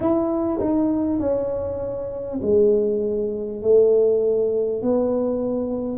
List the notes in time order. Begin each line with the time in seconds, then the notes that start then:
0.00 E4
0.59 D#4
1.19 C#4
2.42 G#3
3.62 A3
4.82 B3